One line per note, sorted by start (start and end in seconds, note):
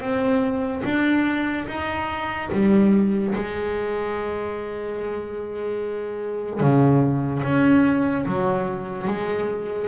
0.00 0.82 C4
0.84 1.66 D4
1.67 2.50 D#4
2.52 3.34 G3
3.35 6.60 G#3
6.60 7.42 C#3
7.43 8.25 C#4
8.26 9.07 F#3
9.07 9.88 G#3